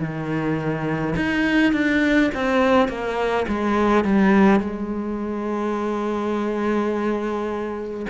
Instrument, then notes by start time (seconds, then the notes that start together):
cello
0.00 D#3
1.16 D#4
1.74 D4
2.34 C4
2.89 A#3
3.48 G#3
4.05 G3
4.60 G#3